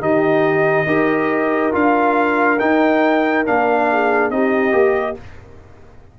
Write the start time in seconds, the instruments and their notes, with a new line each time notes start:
0.00 tuba D#3, trombone D#4, horn G4, trumpet D#5
0.87 tuba D#4, trombone G4, horn A#4
1.72 tuba D4, trombone F4, trumpet F5
2.59 trombone D#4, tuba D#4, trumpet G5
3.46 tuba A#3, trombone D4, trumpet F5
3.91 horn G#4
4.31 tuba C4, trombone D#4, horn G4, trumpet D#5
4.72 tuba A#3, trombone G4